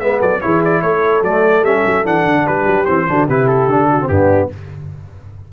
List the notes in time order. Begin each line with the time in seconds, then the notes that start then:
0.00 G#3 B3 B4 E5
0.20 F#3 A4 D5
0.41 E3 E4 G#4 C#5
0.65 D5
0.82 A3 A4 C#5
1.22 F#3 A3 D5
1.62 G3 C#4 E5
1.87 F#3
2.05 E3 D4 F#5
2.26 D3
2.46 G3 G4 B4
2.67 F#3
2.86 E3 C4 C5
3.09 D3 D4 F#4
3.28 C3 E4 G4 B4
3.48 A4
3.67 D3 D4
3.91 F#4
4.01 C4
4.09 G2 B3 D4 G4